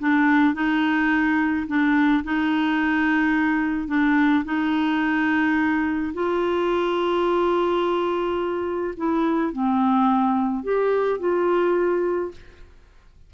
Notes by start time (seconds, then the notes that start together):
0.00 D4
0.55 D#4
1.68 D4
2.24 D#4
3.88 D4
4.45 D#4
6.14 F4
8.97 E4
9.53 C4
10.64 G4
11.20 F4